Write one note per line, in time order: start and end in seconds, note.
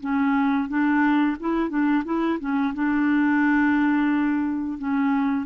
0.00 0.68 C#4
0.68 1.36 D4
1.39 1.69 E4
1.69 2.03 D4
2.05 2.39 E4
2.39 2.73 C#4
2.74 4.78 D4
4.78 5.46 C#4